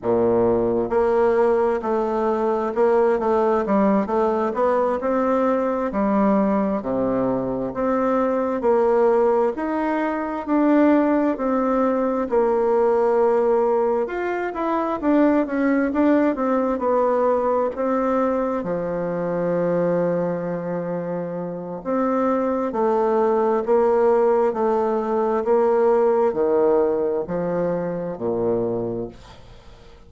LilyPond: \new Staff \with { instrumentName = "bassoon" } { \time 4/4 \tempo 4 = 66 ais,4 ais4 a4 ais8 a8 | g8 a8 b8 c'4 g4 c8~ | c8 c'4 ais4 dis'4 d'8~ | d'8 c'4 ais2 f'8 |
e'8 d'8 cis'8 d'8 c'8 b4 c'8~ | c'8 f2.~ f8 | c'4 a4 ais4 a4 | ais4 dis4 f4 ais,4 | }